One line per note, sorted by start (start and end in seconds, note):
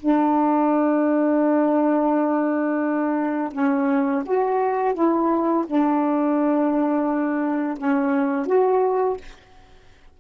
0.00 3.53 D4
3.53 4.24 C#4
4.26 4.95 F#4
4.95 5.65 E4
5.67 7.78 D4
7.78 8.47 C#4
8.47 9.17 F#4